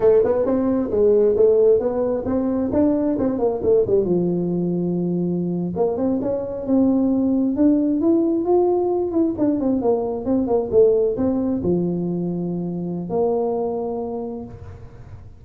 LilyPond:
\new Staff \with { instrumentName = "tuba" } { \time 4/4 \tempo 4 = 133 a8 b8 c'4 gis4 a4 | b4 c'4 d'4 c'8 ais8 | a8 g8 f2.~ | f8. ais8 c'8 cis'4 c'4~ c'16~ |
c'8. d'4 e'4 f'4~ f'16~ | f'16 e'8 d'8 c'8 ais4 c'8 ais8 a16~ | a8. c'4 f2~ f16~ | f4 ais2. | }